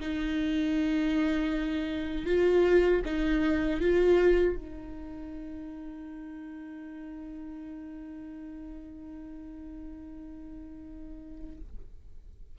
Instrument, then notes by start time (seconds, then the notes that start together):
viola
0.00 D#4
2.26 F4
3.05 D#4
3.81 F4
4.56 D#4